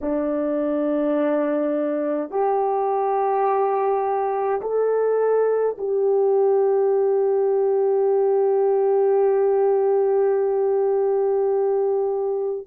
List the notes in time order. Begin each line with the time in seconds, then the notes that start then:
0.01 D4
2.30 G4
4.61 A4
5.77 G4